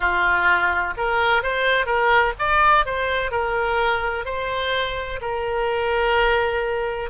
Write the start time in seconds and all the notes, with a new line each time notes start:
0.00 F4
0.97 A#4
1.43 C5
1.86 A#4
2.39 D5
2.85 C5
3.31 A#4
4.25 C5
5.21 A#4